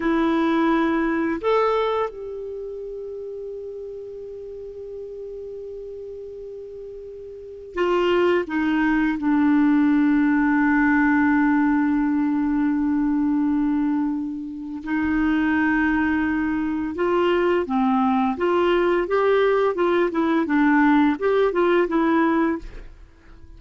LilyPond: \new Staff \with { instrumentName = "clarinet" } { \time 4/4 \tempo 4 = 85 e'2 a'4 g'4~ | g'1~ | g'2. f'4 | dis'4 d'2.~ |
d'1~ | d'4 dis'2. | f'4 c'4 f'4 g'4 | f'8 e'8 d'4 g'8 f'8 e'4 | }